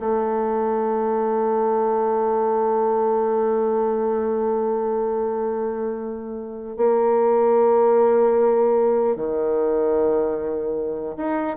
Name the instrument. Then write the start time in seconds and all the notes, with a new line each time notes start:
bassoon
0.00 A3
6.77 A#3
9.16 D#3
11.17 D#4